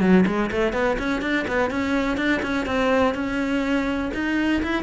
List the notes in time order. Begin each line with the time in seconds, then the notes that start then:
0.00 F#3
0.26 G#3
0.51 A3
0.73 B3
0.98 C#4
1.21 D4
1.47 B3
1.70 C#4
2.17 D4
2.42 C#4
2.66 C4
3.14 C#4
4.13 D#4
4.62 E4